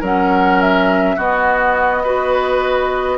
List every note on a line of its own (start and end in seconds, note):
0.00 1.17 F#3
0.00 1.18 C#4
0.00 1.15 A#4
0.00 0.62 F#5
0.62 1.19 E5
1.16 3.18 B3
1.16 2.05 B3
1.16 2.02 F#4
1.16 3.18 D#5
2.03 3.18 F#4
2.03 3.18 B4